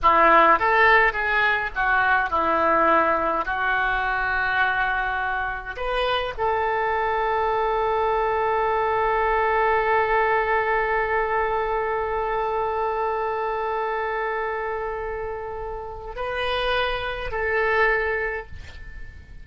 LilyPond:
\new Staff \with { instrumentName = "oboe" } { \time 4/4 \tempo 4 = 104 e'4 a'4 gis'4 fis'4 | e'2 fis'2~ | fis'2 b'4 a'4~ | a'1~ |
a'1~ | a'1~ | a'1 | b'2 a'2 | }